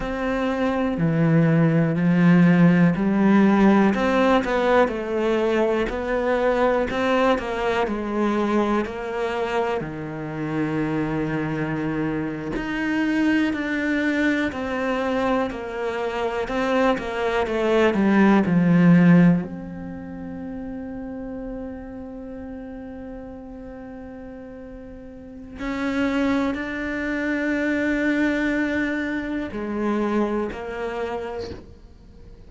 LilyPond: \new Staff \with { instrumentName = "cello" } { \time 4/4 \tempo 4 = 61 c'4 e4 f4 g4 | c'8 b8 a4 b4 c'8 ais8 | gis4 ais4 dis2~ | dis8. dis'4 d'4 c'4 ais16~ |
ais8. c'8 ais8 a8 g8 f4 c'16~ | c'1~ | c'2 cis'4 d'4~ | d'2 gis4 ais4 | }